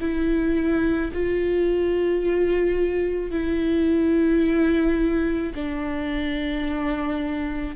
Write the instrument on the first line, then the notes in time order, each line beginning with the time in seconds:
viola
0.00 E4
1.13 F4
3.31 E4
5.55 D4